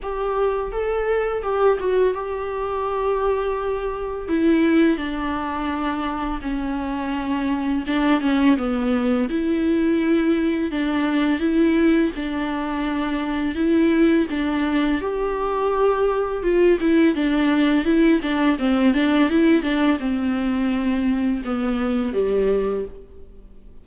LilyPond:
\new Staff \with { instrumentName = "viola" } { \time 4/4 \tempo 4 = 84 g'4 a'4 g'8 fis'8 g'4~ | g'2 e'4 d'4~ | d'4 cis'2 d'8 cis'8 | b4 e'2 d'4 |
e'4 d'2 e'4 | d'4 g'2 f'8 e'8 | d'4 e'8 d'8 c'8 d'8 e'8 d'8 | c'2 b4 g4 | }